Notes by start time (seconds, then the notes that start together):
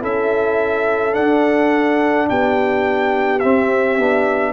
0.00 C#4 E4 A4 E5
1.13 D4 F#5
2.29 B3 G4 G5
3.39 C4 E5
3.98 B3 D4